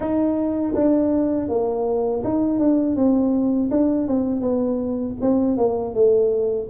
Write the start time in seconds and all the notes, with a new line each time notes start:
0.00 D#4
0.74 D4
1.48 A#3
2.24 D#4
2.59 D4
2.96 C4
3.70 D4
4.07 C4
4.41 B3
5.21 C4
5.57 A#3
5.94 A3